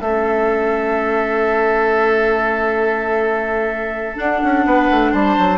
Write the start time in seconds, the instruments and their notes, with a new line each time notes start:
0.00 bassoon A3, clarinet C#4, oboe A4, flute E5
4.16 clarinet D4, bassoon D4, flute F#5
4.44 bassoon C#4
4.65 bassoon B3, oboe B4
4.91 bassoon A3
5.12 bassoon G3, oboe C5, flute A5
5.38 bassoon F#3